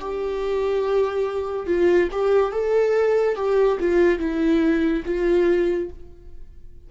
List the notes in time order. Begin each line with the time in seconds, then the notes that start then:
0.00 G4
1.66 F4
2.12 G4
2.52 A4
3.35 G4
3.80 F4
4.19 E4
5.05 F4